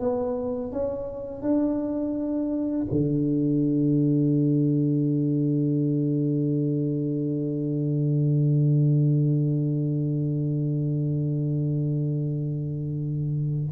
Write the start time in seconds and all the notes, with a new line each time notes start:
0.00 B3
0.72 C#4
1.42 D4
2.91 D3